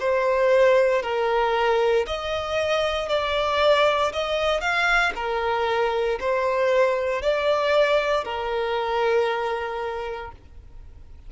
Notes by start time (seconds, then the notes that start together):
0.00 C5
1.03 A#4
2.07 D#5
3.09 D5
4.13 D#5
4.61 F5
5.16 A#4
6.20 C5
7.23 D5
8.25 A#4